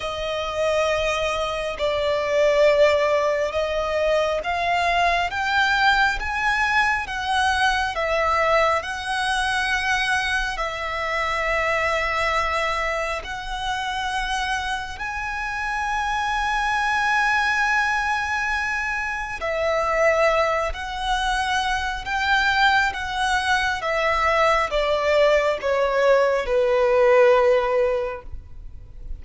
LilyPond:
\new Staff \with { instrumentName = "violin" } { \time 4/4 \tempo 4 = 68 dis''2 d''2 | dis''4 f''4 g''4 gis''4 | fis''4 e''4 fis''2 | e''2. fis''4~ |
fis''4 gis''2.~ | gis''2 e''4. fis''8~ | fis''4 g''4 fis''4 e''4 | d''4 cis''4 b'2 | }